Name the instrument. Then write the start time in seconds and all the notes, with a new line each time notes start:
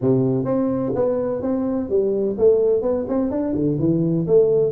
tuba
0.01 C3
0.45 C4
0.95 B3
1.42 C4
1.89 G3
2.38 A3
2.82 B3
3.08 C4
3.30 D4
3.55 D3
3.79 E3
4.27 A3